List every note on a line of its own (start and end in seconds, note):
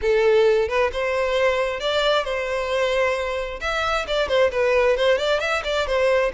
0.01 0.68 A4
0.68 0.90 B4
0.92 1.80 C5
1.80 2.24 D5
2.24 3.59 C5
3.60 4.05 E5
4.07 4.28 D5
4.28 4.51 C5
4.51 4.96 B4
4.96 5.18 C5
5.18 5.40 D5
5.40 5.62 E5
5.64 5.86 D5
5.86 6.31 C5